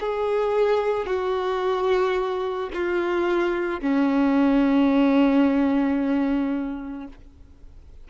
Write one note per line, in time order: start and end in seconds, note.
0.00 1.06 G#4
1.06 2.70 F#4
2.73 3.80 F4
3.80 7.08 C#4